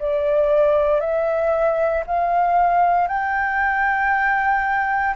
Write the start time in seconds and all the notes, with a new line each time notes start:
0.00 D5
1.01 E5
2.07 F5
3.08 G5